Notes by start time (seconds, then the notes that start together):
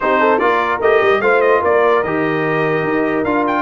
0.00 C4 D#4 G4 C5
0.19 A4
0.38 A#3 F4 A#4 D5
0.80 A3 G4 D#5
1.01 G3
1.20 A3 F4 C5 F5
1.41 D#5
1.61 A#3 A#4 D5
2.03 D#3 G4 D#5
2.83 D#4
3.24 D4 F4 F5
3.47 G5